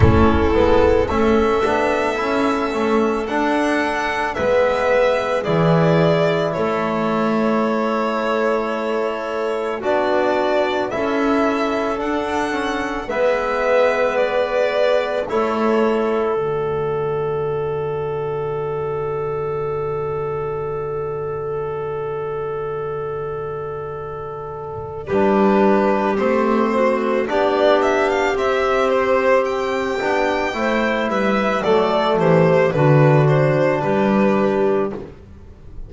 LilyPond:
<<
  \new Staff \with { instrumentName = "violin" } { \time 4/4 \tempo 4 = 55 a'4 e''2 fis''4 | e''4 d''4 cis''2~ | cis''4 d''4 e''4 fis''4 | e''4 d''4 cis''4 d''4~ |
d''1~ | d''2. b'4 | c''4 d''8 e''16 f''16 e''8 c''8 g''4~ | g''8 e''8 d''8 c''8 b'8 c''8 b'4 | }
  \new Staff \with { instrumentName = "clarinet" } { \time 4/4 e'4 a'2. | b'4 gis'4 a'2~ | a'4 fis'4 a'2 | b'2 a'2~ |
a'1~ | a'2. g'4~ | g'8 fis'8 g'2. | c''8 b'8 a'8 g'8 fis'4 g'4 | }
  \new Staff \with { instrumentName = "trombone" } { \time 4/4 cis'8 b8 cis'8 d'8 e'8 cis'8 d'4 | b4 e'2.~ | e'4 d'4 e'4 d'8 cis'8 | b2 e'4 fis'4~ |
fis'1~ | fis'2. d'4 | c'4 d'4 c'4. d'8 | e'4 a4 d'2 | }
  \new Staff \with { instrumentName = "double bass" } { \time 4/4 a8 gis8 a8 b8 cis'8 a8 d'4 | gis4 e4 a2~ | a4 b4 cis'4 d'4 | gis2 a4 d4~ |
d1~ | d2. g4 | a4 b4 c'4. b8 | a8 g8 fis8 e8 d4 g4 | }
>>